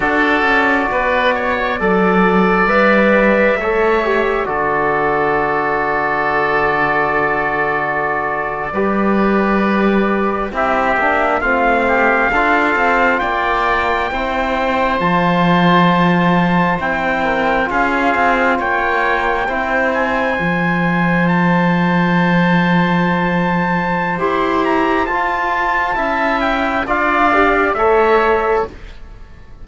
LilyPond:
<<
  \new Staff \with { instrumentName = "trumpet" } { \time 4/4 \tempo 4 = 67 d''2. e''4~ | e''4 d''2.~ | d''2.~ d''8. e''16~ | e''8. f''2 g''4~ g''16~ |
g''8. a''2 g''4 f''16~ | f''8. g''4. gis''4. a''16~ | a''2. c'''8 ais''8 | a''4. g''8 f''4 e''4 | }
  \new Staff \with { instrumentName = "oboe" } { \time 4/4 a'4 b'8 cis''8 d''2 | cis''4 a'2.~ | a'4.~ a'16 b'2 g'16~ | g'8. f'8 g'8 a'4 d''4 c''16~ |
c''2.~ c''16 ais'8 gis'16~ | gis'8. cis''4 c''2~ c''16~ | c''1~ | c''4 e''4 d''4 cis''4 | }
  \new Staff \with { instrumentName = "trombone" } { \time 4/4 fis'2 a'4 b'4 | a'8 g'8 fis'2.~ | fis'4.~ fis'16 g'2 e'16~ | e'16 d'8 c'4 f'2 e'16~ |
e'8. f'2 e'4 f'16~ | f'4.~ f'16 e'4 f'4~ f'16~ | f'2. g'4 | f'4 e'4 f'8 g'8 a'4 | }
  \new Staff \with { instrumentName = "cello" } { \time 4/4 d'8 cis'8 b4 fis4 g4 | a4 d2.~ | d4.~ d16 g2 c'16~ | c'16 ais8 a4 d'8 c'8 ais4 c'16~ |
c'8. f2 c'4 cis'16~ | cis'16 c'8 ais4 c'4 f4~ f16~ | f2. e'4 | f'4 cis'4 d'4 a4 | }
>>